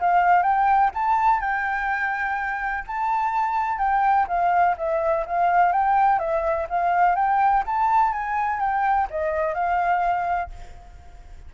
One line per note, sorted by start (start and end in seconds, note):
0.00 0.43 F5
0.43 0.91 G5
0.94 1.41 A5
1.41 2.85 G5
2.87 3.79 A5
3.79 4.27 G5
4.28 4.76 F5
4.78 5.26 E5
5.26 5.73 F5
5.73 6.19 G5
6.19 6.67 E5
6.70 7.16 F5
7.16 7.64 G5
7.67 8.13 A5
8.13 8.60 G#5
8.60 9.08 G5
9.10 9.55 D#5
9.55 10.51 F5